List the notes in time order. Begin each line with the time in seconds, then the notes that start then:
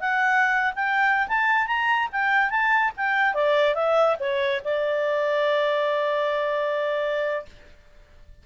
0.00 F#5
0.75 G5
1.28 A5
1.66 A#5
2.12 G5
2.50 A5
2.96 G5
3.34 D5
3.75 E5
4.20 C#5
4.64 D5